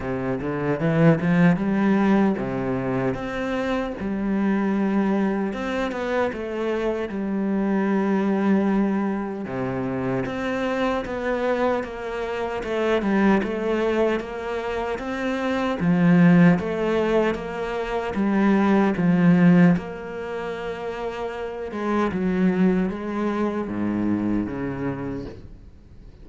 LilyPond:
\new Staff \with { instrumentName = "cello" } { \time 4/4 \tempo 4 = 76 c8 d8 e8 f8 g4 c4 | c'4 g2 c'8 b8 | a4 g2. | c4 c'4 b4 ais4 |
a8 g8 a4 ais4 c'4 | f4 a4 ais4 g4 | f4 ais2~ ais8 gis8 | fis4 gis4 gis,4 cis4 | }